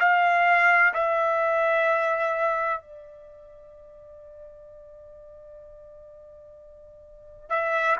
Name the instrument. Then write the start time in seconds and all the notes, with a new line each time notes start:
trumpet
0.00 F5
0.94 E5
2.81 D5
7.50 E5